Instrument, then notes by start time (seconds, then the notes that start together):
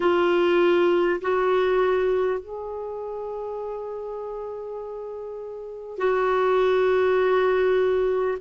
clarinet
0.00 F4
1.21 F#4
2.40 G#4
5.98 F#4